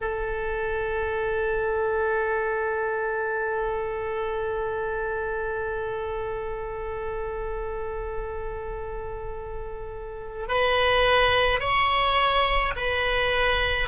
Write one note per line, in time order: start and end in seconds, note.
0.00 10.47 A4
10.48 11.60 B4
11.60 12.73 C#5
12.76 13.87 B4